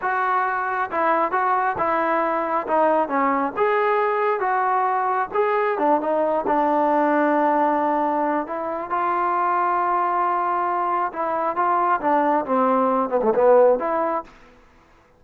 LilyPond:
\new Staff \with { instrumentName = "trombone" } { \time 4/4 \tempo 4 = 135 fis'2 e'4 fis'4 | e'2 dis'4 cis'4 | gis'2 fis'2 | gis'4 d'8 dis'4 d'4.~ |
d'2. e'4 | f'1~ | f'4 e'4 f'4 d'4 | c'4. b16 a16 b4 e'4 | }